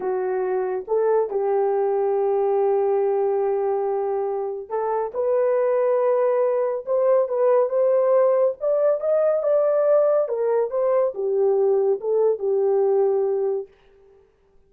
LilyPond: \new Staff \with { instrumentName = "horn" } { \time 4/4 \tempo 4 = 140 fis'2 a'4 g'4~ | g'1~ | g'2. a'4 | b'1 |
c''4 b'4 c''2 | d''4 dis''4 d''2 | ais'4 c''4 g'2 | a'4 g'2. | }